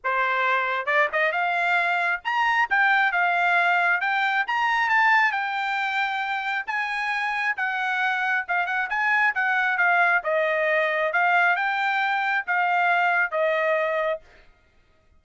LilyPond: \new Staff \with { instrumentName = "trumpet" } { \time 4/4 \tempo 4 = 135 c''2 d''8 dis''8 f''4~ | f''4 ais''4 g''4 f''4~ | f''4 g''4 ais''4 a''4 | g''2. gis''4~ |
gis''4 fis''2 f''8 fis''8 | gis''4 fis''4 f''4 dis''4~ | dis''4 f''4 g''2 | f''2 dis''2 | }